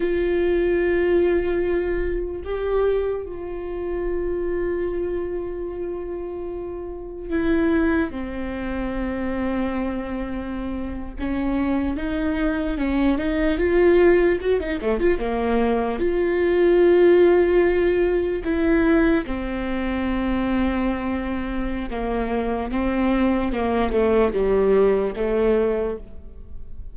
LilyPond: \new Staff \with { instrumentName = "viola" } { \time 4/4 \tempo 4 = 74 f'2. g'4 | f'1~ | f'4 e'4 c'2~ | c'4.~ c'16 cis'4 dis'4 cis'16~ |
cis'16 dis'8 f'4 fis'16 dis'16 a16 f'16 ais4 f'16~ | f'2~ f'8. e'4 c'16~ | c'2. ais4 | c'4 ais8 a8 g4 a4 | }